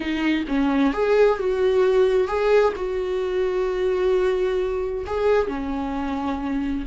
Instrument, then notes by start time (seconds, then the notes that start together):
viola
0.00 D#4
0.47 C#4
0.93 G#4
1.38 F#4
2.27 G#4
2.76 F#4
5.06 G#4
5.47 C#4